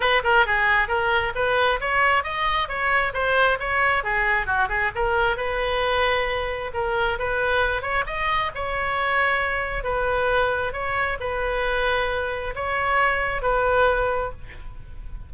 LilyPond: \new Staff \with { instrumentName = "oboe" } { \time 4/4 \tempo 4 = 134 b'8 ais'8 gis'4 ais'4 b'4 | cis''4 dis''4 cis''4 c''4 | cis''4 gis'4 fis'8 gis'8 ais'4 | b'2. ais'4 |
b'4. cis''8 dis''4 cis''4~ | cis''2 b'2 | cis''4 b'2. | cis''2 b'2 | }